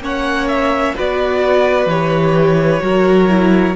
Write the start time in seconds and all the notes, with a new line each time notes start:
0.00 A#3 C#4 C#5 F#5
0.48 E5
0.95 B3 F#4 B4 D5
1.86 E3 G4 C#5
2.80 F#3 F#4 A#4
3.28 E4